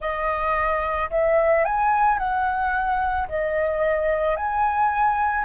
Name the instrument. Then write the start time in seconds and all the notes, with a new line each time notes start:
flute
0.00 D#5
1.10 E5
1.64 G#5
2.18 F#5
3.28 D#5
4.36 G#5